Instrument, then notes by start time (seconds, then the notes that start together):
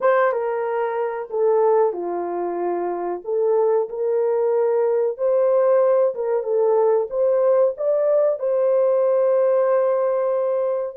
horn
0.00 C5
0.32 A#4
1.30 A4
1.92 F4
3.24 A4
3.89 A#4
5.17 C5
6.15 A#4
6.43 A4
7.10 C5
7.77 D5
8.39 C5